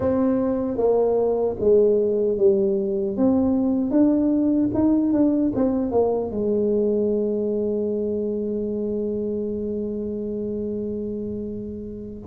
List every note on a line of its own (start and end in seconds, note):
0.00 0.77 C4
0.77 1.56 A#3
1.59 2.37 G#3
2.37 3.16 G3
3.17 3.90 C4
3.90 4.69 D4
4.74 5.12 D#4
5.12 5.52 D4
5.55 5.91 C4
5.91 6.30 A#3
6.30 12.22 G#3